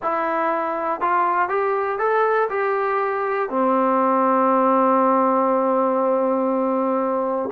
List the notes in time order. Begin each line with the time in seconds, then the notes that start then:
0.02 E4
1.00 F4
1.48 G4
1.99 A4
2.49 G4
3.49 C4